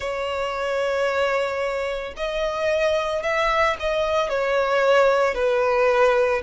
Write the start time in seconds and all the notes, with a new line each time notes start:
0.00 C#5
2.16 D#5
3.22 E5
3.79 D#5
4.29 C#5
5.34 B4